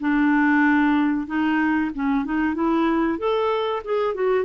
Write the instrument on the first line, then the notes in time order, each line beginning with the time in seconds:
clarinet
0.00 D4
1.27 D#4
1.94 C#4
2.25 D#4
2.54 E4
3.19 A4
3.84 G#4
4.14 F#4